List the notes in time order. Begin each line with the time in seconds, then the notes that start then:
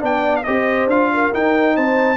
0.00 B3 D4 D5 G5
0.36 F5
0.44 C4 G4 C5 D#5
0.87 D4 F4 F5
1.14 A#4
1.33 D#4 G5
1.75 C4 C5 A5